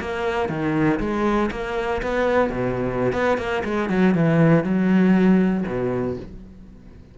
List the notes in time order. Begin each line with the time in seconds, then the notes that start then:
0.00 A#3
0.49 D#3
1.00 G#3
1.51 A#3
2.02 B3
2.50 B2
3.12 B3
3.37 A#3
3.64 G#3
3.89 F#3
4.14 E3
4.63 F#3
5.66 B2